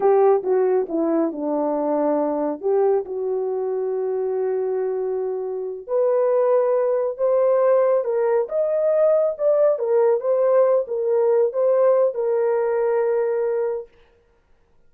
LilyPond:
\new Staff \with { instrumentName = "horn" } { \time 4/4 \tempo 4 = 138 g'4 fis'4 e'4 d'4~ | d'2 g'4 fis'4~ | fis'1~ | fis'4. b'2~ b'8~ |
b'8 c''2 ais'4 dis''8~ | dis''4. d''4 ais'4 c''8~ | c''4 ais'4. c''4. | ais'1 | }